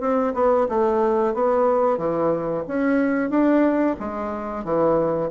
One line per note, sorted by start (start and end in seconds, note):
0.00 0.33 C4
0.34 0.67 B3
0.69 1.34 A3
1.34 1.98 B3
1.98 2.63 E3
2.67 3.30 C#4
3.30 3.96 D4
4.00 4.65 G#3
4.65 5.30 E3